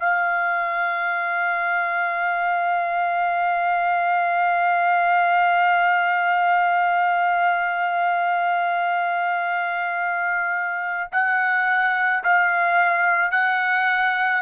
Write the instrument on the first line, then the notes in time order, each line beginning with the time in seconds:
trumpet
0.00 F5
11.13 F#5
12.24 F5
13.31 F#5